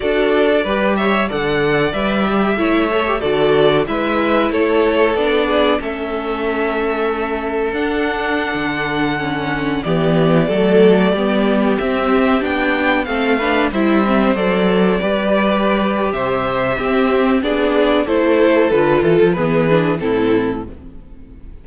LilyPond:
<<
  \new Staff \with { instrumentName = "violin" } { \time 4/4 \tempo 4 = 93 d''4. e''8 fis''4 e''4~ | e''4 d''4 e''4 cis''4 | d''4 e''2. | fis''2.~ fis''16 d''8.~ |
d''2~ d''16 e''4 g''8.~ | g''16 f''4 e''4 d''4.~ d''16~ | d''4 e''2 d''4 | c''4 b'8 a'8 b'4 a'4 | }
  \new Staff \with { instrumentName = "violin" } { \time 4/4 a'4 b'8 cis''8 d''2 | cis''4 a'4 b'4 a'4~ | a'8 gis'8 a'2.~ | a'2.~ a'16 g'8.~ |
g'16 a'4 g'2~ g'8.~ | g'16 a'8 b'8 c''2 b'8.~ | b'4 c''4 g'4 gis'4 | a'2 gis'4 e'4 | }
  \new Staff \with { instrumentName = "viola" } { \time 4/4 fis'4 g'4 a'4 b'8 g'8 | e'8 a'16 g'16 fis'4 e'2 | d'4 cis'2. | d'2~ d'16 cis'4 b8.~ |
b16 a4 b4 c'4 d'8.~ | d'16 c'8 d'8 e'8 c'8 a'4 g'8.~ | g'2 c'4 d'4 | e'4 f'4 b8 d'8 c'4 | }
  \new Staff \with { instrumentName = "cello" } { \time 4/4 d'4 g4 d4 g4 | a4 d4 gis4 a4 | b4 a2. | d'4~ d'16 d2 e8.~ |
e16 fis4 g4 c'4 b8.~ | b16 a4 g4 fis4 g8.~ | g4 c4 c'4 b4 | a4 d8 e16 f16 e4 a,4 | }
>>